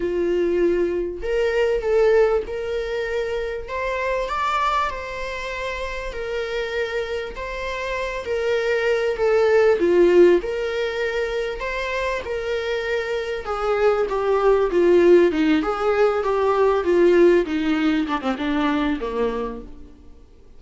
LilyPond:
\new Staff \with { instrumentName = "viola" } { \time 4/4 \tempo 4 = 98 f'2 ais'4 a'4 | ais'2 c''4 d''4 | c''2 ais'2 | c''4. ais'4. a'4 |
f'4 ais'2 c''4 | ais'2 gis'4 g'4 | f'4 dis'8 gis'4 g'4 f'8~ | f'8 dis'4 d'16 c'16 d'4 ais4 | }